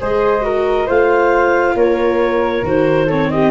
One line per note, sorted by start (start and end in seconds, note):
0.00 0.88 G#3
0.00 0.42 G#4
0.00 0.44 C5
0.00 0.89 D#5
0.42 0.86 F#4
0.42 0.85 A#4
0.85 1.74 A3
0.85 2.63 F4
0.85 1.74 C5
0.85 1.76 F5
1.74 2.62 A#3
1.74 3.06 A#4
1.74 2.65 C#5
2.62 3.50 D#3
2.62 3.07 F#4
2.62 3.10 C5
3.06 3.50 C4
3.06 3.28 A4
3.06 3.31 C#5
3.31 3.50 G4
3.31 3.50 D#5